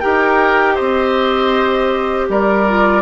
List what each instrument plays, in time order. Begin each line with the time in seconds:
0.00 bassoon D#4, clarinet G4, oboe A#4, flute G5
0.75 bassoon C4, oboe C5, flute D#5
2.29 bassoon G3, oboe A#4, flute D5
2.68 clarinet F4